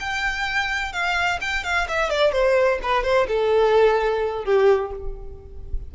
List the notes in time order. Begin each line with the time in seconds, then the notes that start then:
0.00 G5
0.93 F5
1.41 G5
1.64 F5
1.88 E5
2.10 D5
2.32 C5
2.83 B4
3.04 C5
3.28 A4
4.45 G4